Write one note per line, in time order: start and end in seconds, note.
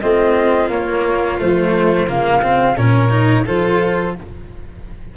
0.00 0.69 A3
0.00 0.70 C4
0.00 2.76 F4
0.00 0.69 D#5
0.69 1.37 A#3
0.69 1.39 A#3
0.69 1.40 C#5
1.39 2.09 F3
1.39 2.07 A3
1.39 2.10 C5
2.07 2.78 C#3
2.07 2.42 A#3
2.07 2.77 F5
2.42 2.77 C4
2.76 3.47 A#2
2.76 3.10 C#4
2.76 3.45 A#4
2.76 3.46 C#5
3.10 3.45 D#4
3.46 4.17 F3
3.46 4.16 F4
3.46 4.15 A4
3.46 4.16 C5